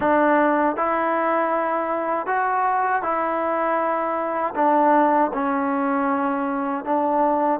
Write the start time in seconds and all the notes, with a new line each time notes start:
0.00 D4
0.76 E4
2.26 F#4
3.02 E4
4.55 D4
5.33 C#4
6.85 D4